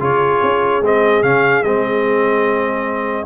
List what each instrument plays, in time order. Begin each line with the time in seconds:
0.00 tuba C#3, trombone F4, horn G#4, trumpet C#5
0.43 tuba C#4
0.82 tuba G#3, trombone C4, trumpet D#5
1.23 tuba C#3, trombone C#4, trumpet F5
1.63 tuba G#3, trombone C4, trumpet D#5